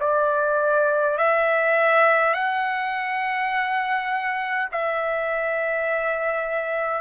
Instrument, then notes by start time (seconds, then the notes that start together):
trumpet
0.00 D5
1.18 E5
2.34 F#5
4.72 E5